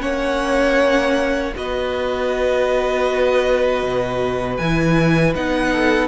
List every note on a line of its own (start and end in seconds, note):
0.00 1.54 A#3
0.00 1.52 C#4
0.00 1.53 C#5
0.00 1.54 F#5
1.55 3.83 B3
1.55 4.59 F#4
1.55 5.72 B4
1.55 4.57 D#5
3.83 4.59 B2
4.57 5.35 E3
4.57 5.35 E4
4.57 5.33 G#5
5.35 6.08 B3
5.35 6.08 D#4
5.35 6.08 F#5
5.72 6.08 A4